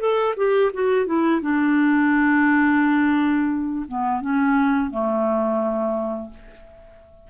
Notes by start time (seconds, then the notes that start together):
0.00 A4
0.37 G4
0.74 F#4
1.06 E4
1.42 D4
3.88 B3
4.21 C#4
4.91 A3